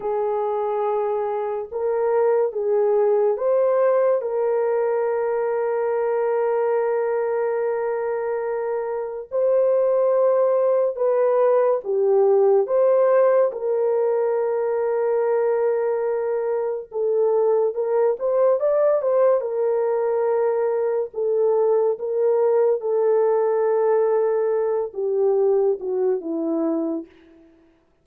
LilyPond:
\new Staff \with { instrumentName = "horn" } { \time 4/4 \tempo 4 = 71 gis'2 ais'4 gis'4 | c''4 ais'2.~ | ais'2. c''4~ | c''4 b'4 g'4 c''4 |
ais'1 | a'4 ais'8 c''8 d''8 c''8 ais'4~ | ais'4 a'4 ais'4 a'4~ | a'4. g'4 fis'8 e'4 | }